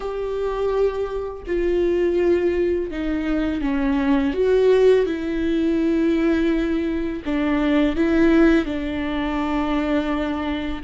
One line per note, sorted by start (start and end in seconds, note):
0.00 1.43 G4
1.47 2.90 F4
2.90 3.61 D#4
3.61 4.33 C#4
4.33 5.05 F#4
5.05 7.22 E4
7.25 7.96 D4
7.96 8.65 E4
8.65 10.82 D4